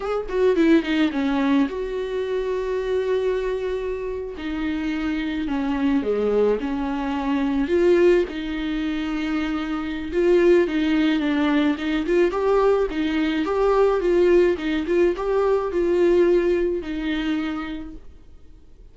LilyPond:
\new Staff \with { instrumentName = "viola" } { \time 4/4 \tempo 4 = 107 gis'8 fis'8 e'8 dis'8 cis'4 fis'4~ | fis'2.~ fis'8. dis'16~ | dis'4.~ dis'16 cis'4 gis4 cis'16~ | cis'4.~ cis'16 f'4 dis'4~ dis'16~ |
dis'2 f'4 dis'4 | d'4 dis'8 f'8 g'4 dis'4 | g'4 f'4 dis'8 f'8 g'4 | f'2 dis'2 | }